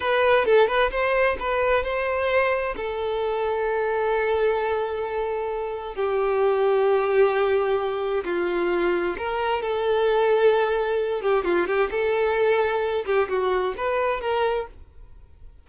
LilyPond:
\new Staff \with { instrumentName = "violin" } { \time 4/4 \tempo 4 = 131 b'4 a'8 b'8 c''4 b'4 | c''2 a'2~ | a'1~ | a'4 g'2.~ |
g'2 f'2 | ais'4 a'2.~ | a'8 g'8 f'8 g'8 a'2~ | a'8 g'8 fis'4 b'4 ais'4 | }